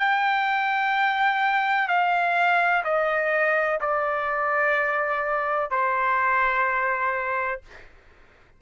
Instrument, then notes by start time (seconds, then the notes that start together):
trumpet
0.00 G5
1.88 F5
2.84 D#5
3.81 D5
5.71 C5